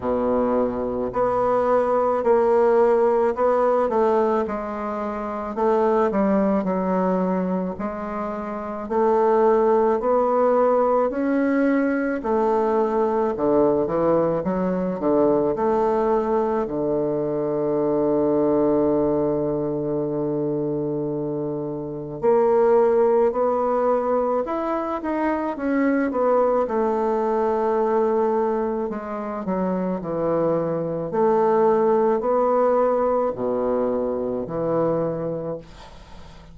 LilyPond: \new Staff \with { instrumentName = "bassoon" } { \time 4/4 \tempo 4 = 54 b,4 b4 ais4 b8 a8 | gis4 a8 g8 fis4 gis4 | a4 b4 cis'4 a4 | d8 e8 fis8 d8 a4 d4~ |
d1 | ais4 b4 e'8 dis'8 cis'8 b8 | a2 gis8 fis8 e4 | a4 b4 b,4 e4 | }